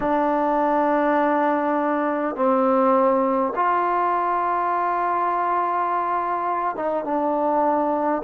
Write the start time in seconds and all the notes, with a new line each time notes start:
0.00 D4
2.35 C4
3.55 F4
6.75 D#4
7.04 D4